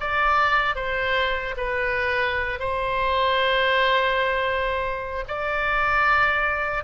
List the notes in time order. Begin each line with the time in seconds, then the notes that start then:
0.00 D5
0.75 C5
1.57 B4
2.59 C5
5.28 D5